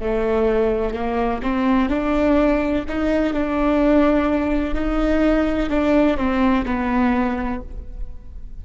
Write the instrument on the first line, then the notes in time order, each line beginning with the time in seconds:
viola
0.00 A3
0.94 A#3
1.42 C4
1.89 D4
2.88 D#4
3.33 D4
4.74 D#4
5.69 D4
6.17 C4
6.65 B3